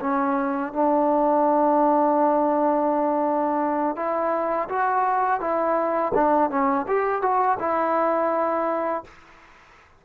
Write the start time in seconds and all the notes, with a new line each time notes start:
0.00 C#4
0.73 D4
3.96 E4
4.69 F#4
5.40 E4
6.14 D4
6.50 C#4
6.87 G4
7.22 F#4
7.59 E4